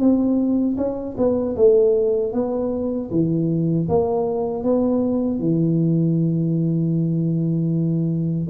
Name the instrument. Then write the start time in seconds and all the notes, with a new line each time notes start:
tuba
0.00 C4
0.78 C#4
1.17 B3
1.57 A3
2.33 B3
3.11 E3
3.89 A#3
4.64 B3
5.40 E3